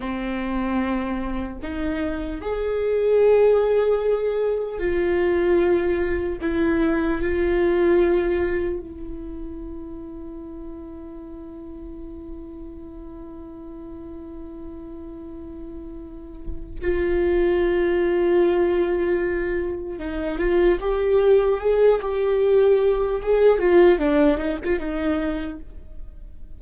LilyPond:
\new Staff \with { instrumentName = "viola" } { \time 4/4 \tempo 4 = 75 c'2 dis'4 gis'4~ | gis'2 f'2 | e'4 f'2 e'4~ | e'1~ |
e'1~ | e'4 f'2.~ | f'4 dis'8 f'8 g'4 gis'8 g'8~ | g'4 gis'8 f'8 d'8 dis'16 f'16 dis'4 | }